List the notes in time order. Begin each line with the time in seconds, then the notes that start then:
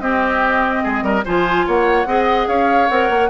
0.00 C4 G4 D#5
0.83 G#3 G#4
1.02 G3 A#4
1.25 F3 F4 C5 G#5
1.66 A#3 C#5 F#5
2.06 C4 G#4 D#5
2.48 C#4 C#5 F5
2.88 C4 A#4 F#5
3.09 A#3